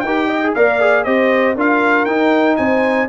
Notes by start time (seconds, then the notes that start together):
0.00 D#4 A#4 G5
0.06 G4
0.28 D#5
0.44 G#4
0.54 A#3 A#4 D5 F5
0.81 G#4
1.04 C4 G4 C5 D#5
1.56 D4 F4 A#4 F5
2.06 D#4 G5
2.57 C4 C5 G#5